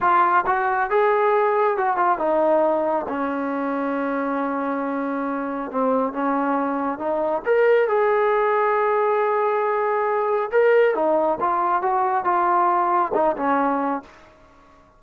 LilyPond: \new Staff \with { instrumentName = "trombone" } { \time 4/4 \tempo 4 = 137 f'4 fis'4 gis'2 | fis'8 f'8 dis'2 cis'4~ | cis'1~ | cis'4 c'4 cis'2 |
dis'4 ais'4 gis'2~ | gis'1 | ais'4 dis'4 f'4 fis'4 | f'2 dis'8 cis'4. | }